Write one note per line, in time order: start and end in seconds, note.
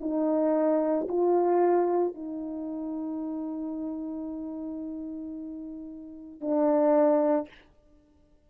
0.00 1.07 D#4
1.08 2.14 F4
2.14 6.40 D#4
6.40 7.48 D4